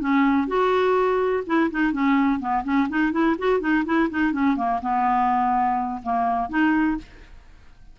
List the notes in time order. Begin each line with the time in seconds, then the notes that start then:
0.00 C#4
0.48 F#4
1.46 E4
1.70 D#4
1.92 C#4
2.39 B3
2.64 C#4
2.89 D#4
3.12 E4
3.38 F#4
3.60 D#4
3.85 E4
4.10 D#4
4.32 C#4
4.56 A#3
4.81 B3
6.03 A#3
6.49 D#4